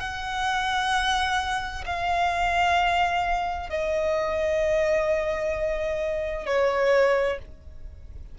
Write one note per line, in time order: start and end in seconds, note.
0.00 1.85 F#5
1.86 3.70 F5
3.70 6.46 D#5
6.46 7.38 C#5